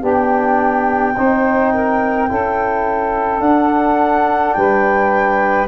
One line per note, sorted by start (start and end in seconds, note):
0.00 1.16 B3
0.00 1.15 D4
0.00 1.13 G4
0.00 3.41 G5
1.17 2.30 C4
1.17 2.28 D#4
1.17 1.73 C5
1.73 2.29 A#4
2.28 3.40 C#4
2.28 3.41 E4
2.28 4.57 A4
3.40 4.53 D4
3.40 5.68 D4
3.40 4.54 F#5
4.54 5.68 G3
4.54 5.68 B4
4.54 5.67 G5